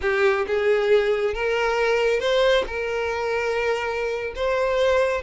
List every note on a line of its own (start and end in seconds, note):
0.01 0.46 G4
0.47 1.34 G#4
1.34 2.20 A#4
2.20 2.64 C5
2.66 4.33 A#4
4.35 5.22 C5